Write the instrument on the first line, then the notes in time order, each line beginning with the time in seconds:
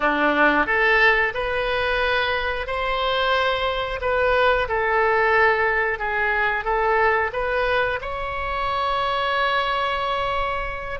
oboe
0.00 D4
0.66 A4
1.34 B4
2.66 C5
4.01 B4
4.68 A4
5.98 G#4
6.64 A4
7.32 B4
8.01 C#5